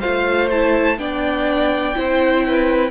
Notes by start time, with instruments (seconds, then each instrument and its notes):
0.00 cello A3, viola F4, violin C5 F5
0.50 viola E4, violin A5
0.98 cello B3, viola D4, violin D5 G5
1.94 cello C4, viola E4, violin C5
2.46 violin B4